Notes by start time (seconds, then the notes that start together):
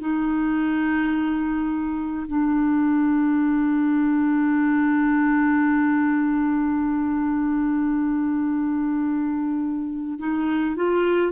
0.00 D#4
2.27 D4
10.19 D#4
10.75 F4